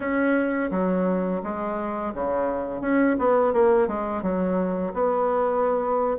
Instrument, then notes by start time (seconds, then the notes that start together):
bassoon
0.00 C#4
0.71 F#3
1.43 G#3
2.14 C#3
2.81 C#4
3.18 B3
3.53 A#3
3.87 G#3
4.22 F#3
4.93 B3